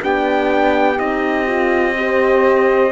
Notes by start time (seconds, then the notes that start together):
0.00 B3 D4 G4 G5
0.97 C4 D#4 D#5
1.47 F4
1.97 G4 C5